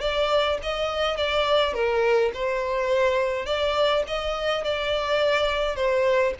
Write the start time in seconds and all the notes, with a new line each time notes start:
0.00 D5
0.62 D#5
1.17 D5
1.73 A#4
2.33 C5
3.45 D5
4.07 D#5
4.64 D5
5.76 C5